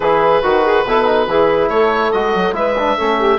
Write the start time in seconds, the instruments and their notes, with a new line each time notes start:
0.00 bassoon E3, trombone E4, saxophone G#4, oboe B4
0.42 bassoon D#3, saxophone F#4, trombone F#4
0.64 saxophone G#4
0.84 bassoon B2, trombone E4, saxophone A4
1.05 trombone D#4
1.27 bassoon E3, trombone E4, saxophone G#4
1.68 bassoon A3, saxophone A4, oboe C#5
2.11 bassoon G#3, trombone F#4, oboe D#5
2.34 bassoon F#3
2.52 bassoon G#3, trombone E4, saxophone B4, oboe E5
2.78 trombone D4
2.97 bassoon A3, trombone C#4, saxophone A4
3.18 saxophone G4